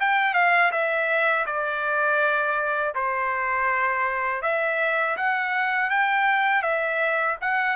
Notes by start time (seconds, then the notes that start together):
0.00 G5
0.34 F5
0.71 E5
1.46 D5
2.95 C5
4.42 E5
5.16 F#5
5.90 G5
6.62 E5
7.41 F#5